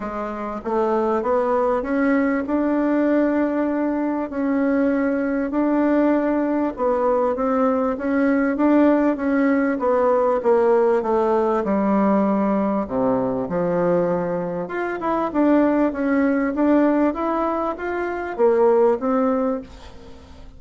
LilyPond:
\new Staff \with { instrumentName = "bassoon" } { \time 4/4 \tempo 4 = 98 gis4 a4 b4 cis'4 | d'2. cis'4~ | cis'4 d'2 b4 | c'4 cis'4 d'4 cis'4 |
b4 ais4 a4 g4~ | g4 c4 f2 | f'8 e'8 d'4 cis'4 d'4 | e'4 f'4 ais4 c'4 | }